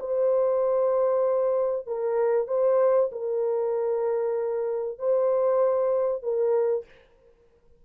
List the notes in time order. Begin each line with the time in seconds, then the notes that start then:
0.00 C5
1.87 A#4
2.48 C5
3.12 A#4
4.99 C5
6.23 A#4